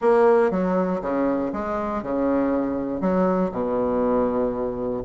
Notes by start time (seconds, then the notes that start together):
0.01 A#3
0.50 F#3
1.01 C#3
1.52 G#3
2.03 C#3
3.00 F#3
3.51 B2